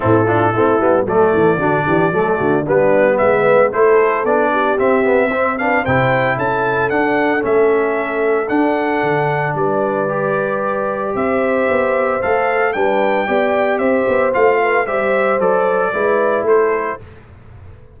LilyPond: <<
  \new Staff \with { instrumentName = "trumpet" } { \time 4/4 \tempo 4 = 113 a'2 d''2~ | d''4 b'4 e''4 c''4 | d''4 e''4. f''8 g''4 | a''4 fis''4 e''2 |
fis''2 d''2~ | d''4 e''2 f''4 | g''2 e''4 f''4 | e''4 d''2 c''4 | }
  \new Staff \with { instrumentName = "horn" } { \time 4/4 e'8 f'8 e'4 a'4 fis'8 g'8 | a'8 fis'8 d'4 b'4 a'4~ | a'8 g'4. c''8 b'8 c''4 | a'1~ |
a'2 b'2~ | b'4 c''2. | b'4 d''4 c''4. b'8 | c''2 b'4 a'4 | }
  \new Staff \with { instrumentName = "trombone" } { \time 4/4 c'8 d'8 c'8 b8 a4 d'4 | a4 b2 e'4 | d'4 c'8 b8 c'8 d'8 e'4~ | e'4 d'4 cis'2 |
d'2. g'4~ | g'2. a'4 | d'4 g'2 f'4 | g'4 a'4 e'2 | }
  \new Staff \with { instrumentName = "tuba" } { \time 4/4 a,4 a8 g8 fis8 e8 d8 e8 | fis8 d8 g4 gis4 a4 | b4 c'2 c4 | cis'4 d'4 a2 |
d'4 d4 g2~ | g4 c'4 b4 a4 | g4 b4 c'8 b8 a4 | g4 fis4 gis4 a4 | }
>>